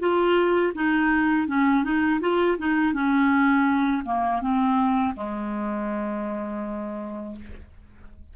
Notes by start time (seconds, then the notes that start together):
0.00 F4
0.75 D#4
1.48 C#4
1.84 D#4
2.21 F4
2.59 D#4
2.94 C#4
4.05 A#3
4.42 C4
5.16 G#3